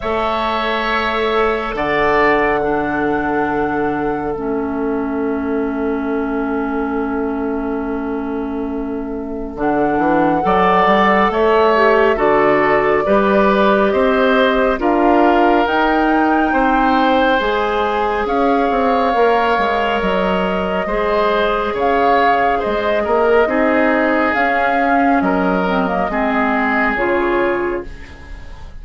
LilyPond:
<<
  \new Staff \with { instrumentName = "flute" } { \time 4/4 \tempo 4 = 69 e''2 fis''2~ | fis''4 e''2.~ | e''2. fis''4~ | fis''4 e''4 d''2 |
dis''4 f''4 g''2 | gis''4 f''2 dis''4~ | dis''4 f''4 dis''2 | f''4 dis''2 cis''4 | }
  \new Staff \with { instrumentName = "oboe" } { \time 4/4 cis''2 d''4 a'4~ | a'1~ | a'1 | d''4 cis''4 a'4 b'4 |
c''4 ais'2 c''4~ | c''4 cis''2. | c''4 cis''4 c''8 ais'8 gis'4~ | gis'4 ais'4 gis'2 | }
  \new Staff \with { instrumentName = "clarinet" } { \time 4/4 a'2. d'4~ | d'4 cis'2.~ | cis'2. d'4 | a'4. g'8 fis'4 g'4~ |
g'4 f'4 dis'2 | gis'2 ais'2 | gis'2. dis'4 | cis'4. c'16 ais16 c'4 f'4 | }
  \new Staff \with { instrumentName = "bassoon" } { \time 4/4 a2 d2~ | d4 a2.~ | a2. d8 e8 | fis8 g8 a4 d4 g4 |
c'4 d'4 dis'4 c'4 | gis4 cis'8 c'8 ais8 gis8 fis4 | gis4 cis4 gis8 ais8 c'4 | cis'4 fis4 gis4 cis4 | }
>>